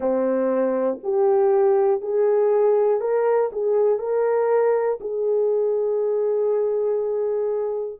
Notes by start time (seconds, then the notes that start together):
0.00 C4
1.03 G4
2.00 G#4
3.00 A#4
3.52 G#4
3.98 A#4
5.00 G#4